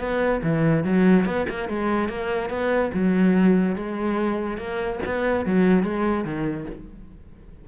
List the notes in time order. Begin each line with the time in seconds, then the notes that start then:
0.00 B3
0.43 E3
0.84 F#3
1.26 B3
1.50 A#3
1.69 G#3
2.09 A#3
2.50 B3
2.94 F#3
3.76 G#3
4.58 A#3
5.06 B3
5.46 F#3
5.84 G#3
6.25 D#3